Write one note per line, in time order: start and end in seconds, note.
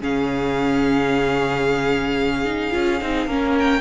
0.00 2.74 C#3
0.00 2.45 C#4
0.00 3.27 G#4
0.00 3.58 F5
2.45 2.71 D#4
2.71 3.01 C#4
2.71 2.98 F4
3.01 3.26 C4
3.01 3.29 D#4
3.26 3.80 A#3
3.26 3.80 C#4
3.26 3.80 A#4
3.58 3.80 G5